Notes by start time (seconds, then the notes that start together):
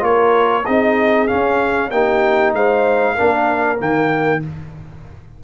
0.00 A#3 F4 A#4 C#5
0.64 C4 D#4 G#4 D#5
1.28 C#4 F5
1.90 A#3 D#4 G4 G5
2.53 G#3 C5 F5
3.14 A#3 D4 A#4
3.77 D#3 A#3 G5